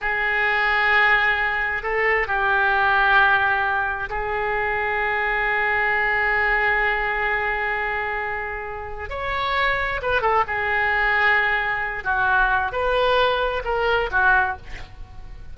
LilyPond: \new Staff \with { instrumentName = "oboe" } { \time 4/4 \tempo 4 = 132 gis'1 | a'4 g'2.~ | g'4 gis'2.~ | gis'1~ |
gis'1 | cis''2 b'8 a'8 gis'4~ | gis'2~ gis'8 fis'4. | b'2 ais'4 fis'4 | }